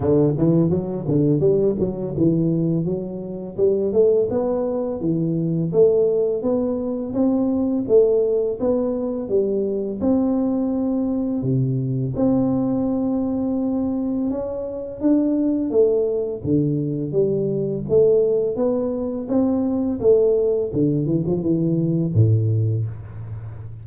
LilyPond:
\new Staff \with { instrumentName = "tuba" } { \time 4/4 \tempo 4 = 84 d8 e8 fis8 d8 g8 fis8 e4 | fis4 g8 a8 b4 e4 | a4 b4 c'4 a4 | b4 g4 c'2 |
c4 c'2. | cis'4 d'4 a4 d4 | g4 a4 b4 c'4 | a4 d8 e16 f16 e4 a,4 | }